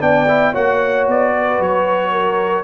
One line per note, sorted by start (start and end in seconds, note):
0.00 0.54 B3
0.00 0.26 D4
0.00 0.52 D5
0.00 0.54 G5
0.28 0.54 E4
0.52 1.07 A#3
0.52 2.63 F#4
0.52 1.31 C#5
0.52 1.07 F#5
1.07 1.59 B3
1.07 1.62 D5
1.34 2.11 B4
1.59 2.63 F#3
1.59 2.63 C#5
2.11 2.63 A#4